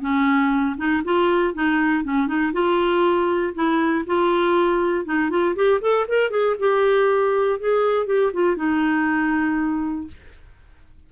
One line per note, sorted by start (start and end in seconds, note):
0.00 0.76 C#4
0.77 1.02 D#4
1.04 1.54 F4
1.54 2.04 D#4
2.04 2.27 C#4
2.27 2.52 D#4
2.52 3.53 F4
3.54 4.05 E4
4.06 5.05 F4
5.05 5.30 D#4
5.30 5.55 F4
5.56 5.81 G4
5.81 6.06 A4
6.08 6.30 A#4
6.30 6.55 G#4
6.59 7.59 G4
7.59 8.06 G#4
8.06 8.31 G4
8.33 8.56 F4
8.56 10.07 D#4